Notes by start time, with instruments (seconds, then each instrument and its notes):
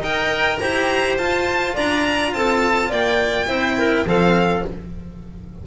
0.00 double bass D#4, cello A#4, clarinet D#5, violin G5
0.58 double bass E4, cello G4, clarinet C5, violin A#5
1.18 double bass F4, cello F4, violin A5
1.75 double bass D4, clarinet D5, violin A#5
2.34 double bass C4, clarinet A4, violin A5
2.89 double bass A#3, clarinet D5, violin G5
3.47 double bass C4, cello E4, clarinet C5
3.78 clarinet A#4
4.06 double bass F3, cello C4, clarinet A4, violin F5